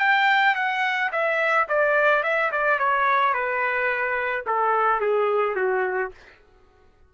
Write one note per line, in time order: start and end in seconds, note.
0.00 0.56 G5
0.56 1.11 F#5
1.13 1.68 E5
1.69 2.24 D5
2.24 2.52 E5
2.52 2.79 D5
2.79 3.34 C#5
3.34 4.45 B4
4.47 5.01 A4
5.01 5.56 G#4
5.56 6.12 F#4